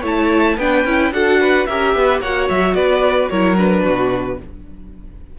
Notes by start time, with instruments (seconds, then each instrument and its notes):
0.00 cello A3, viola E4, violin C#5 A5
0.57 cello B3, viola D4, violin B4 G5
0.84 cello C#4, viola E4
1.11 cello D4, viola F#4, violin A4 F#5
1.41 violin B4
1.66 cello C#4, viola G4, violin A#4 E5
1.95 cello B3, violin B4
2.20 cello A#3, viola F#4, violin C#5 F#5
2.49 cello F#3, violin E5
2.74 cello B3, violin B4 D5
3.29 cello F#3, viola E4, violin A#4 C#5
3.57 viola D4, violin B4
3.83 cello B2, violin F#4